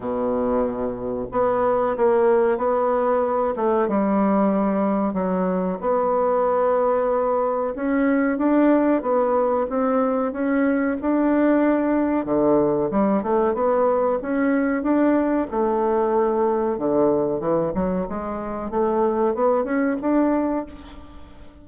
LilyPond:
\new Staff \with { instrumentName = "bassoon" } { \time 4/4 \tempo 4 = 93 b,2 b4 ais4 | b4. a8 g2 | fis4 b2. | cis'4 d'4 b4 c'4 |
cis'4 d'2 d4 | g8 a8 b4 cis'4 d'4 | a2 d4 e8 fis8 | gis4 a4 b8 cis'8 d'4 | }